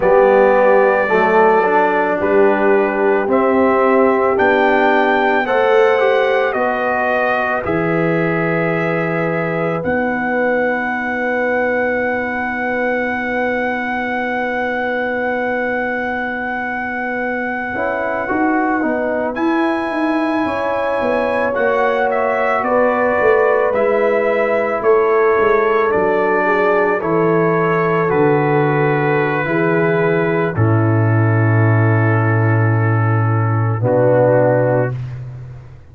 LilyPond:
<<
  \new Staff \with { instrumentName = "trumpet" } { \time 4/4 \tempo 4 = 55 d''2 b'4 e''4 | g''4 fis''4 dis''4 e''4~ | e''4 fis''2.~ | fis''1~ |
fis''4.~ fis''16 gis''2 fis''16~ | fis''16 e''8 d''4 e''4 cis''4 d''16~ | d''8. cis''4 b'2~ b'16 | a'2. fis'4 | }
  \new Staff \with { instrumentName = "horn" } { \time 4/4 g'4 a'4 g'2~ | g'4 c''4 b'2~ | b'1~ | b'1~ |
b'2~ b'8. cis''4~ cis''16~ | cis''8. b'2 a'4~ a'16~ | a'16 gis'8 a'2~ a'16 gis'4 | e'2. d'4 | }
  \new Staff \with { instrumentName = "trombone" } { \time 4/4 b4 a8 d'4. c'4 | d'4 a'8 g'8 fis'4 gis'4~ | gis'4 dis'2.~ | dis'1~ |
dis'16 e'8 fis'8 dis'8 e'2 fis'16~ | fis'4.~ fis'16 e'2 d'16~ | d'8. e'4 fis'4~ fis'16 e'4 | cis'2. b4 | }
  \new Staff \with { instrumentName = "tuba" } { \time 4/4 g4 fis4 g4 c'4 | b4 a4 b4 e4~ | e4 b2.~ | b1~ |
b16 cis'8 dis'8 b8 e'8 dis'8 cis'8 b8 ais16~ | ais8. b8 a8 gis4 a8 gis8 fis16~ | fis8. e4 d4~ d16 e4 | a,2. b,4 | }
>>